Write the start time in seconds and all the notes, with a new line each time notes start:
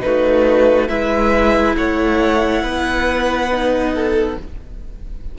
0.00 A3 D#4 F#4 B4
0.89 G#3 E4 B4 E5
1.77 A3 C#5 F#5
2.63 B3 B4
3.52 D#4
3.95 A4